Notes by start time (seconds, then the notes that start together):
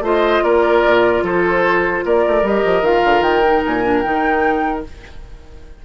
0.00 A3 F4 C5 D#5
0.43 A#3 A#4 D5
0.86 A#2
1.23 F3 A4 C5
2.05 A#3 A#4 D5
2.28 A3
2.42 G3 G4 D#5
2.65 F3
2.81 D#3 F4 F5
3.05 D3
3.21 D#3 G5
3.44 D#4
3.66 A#2 G#5
3.83 D4
4.01 D#3 D#4 G5